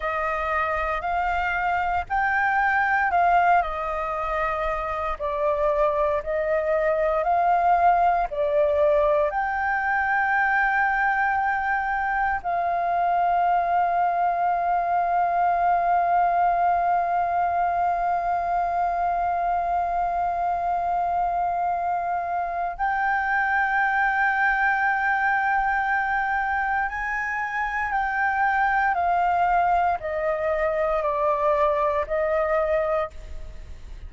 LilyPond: \new Staff \with { instrumentName = "flute" } { \time 4/4 \tempo 4 = 58 dis''4 f''4 g''4 f''8 dis''8~ | dis''4 d''4 dis''4 f''4 | d''4 g''2. | f''1~ |
f''1~ | f''2 g''2~ | g''2 gis''4 g''4 | f''4 dis''4 d''4 dis''4 | }